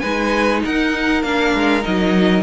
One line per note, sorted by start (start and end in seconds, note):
0.00 0.64 G#3
0.00 1.24 D#4
0.00 0.62 B4
0.00 0.61 G#5
0.65 1.23 D#4
0.65 2.43 A#4
0.65 1.23 F#5
1.23 1.54 A#3
1.23 1.82 D4
1.23 1.84 F5
1.54 1.84 G#3
1.82 2.43 F#3
1.82 2.43 D#4
1.82 2.43 D#5